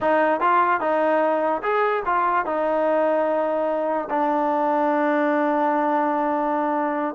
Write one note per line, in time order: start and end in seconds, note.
0.01 0.40 D#4
0.40 0.80 F4
0.80 1.61 D#4
1.62 2.03 G#4
2.05 2.45 F4
2.45 4.08 D#4
4.10 7.14 D4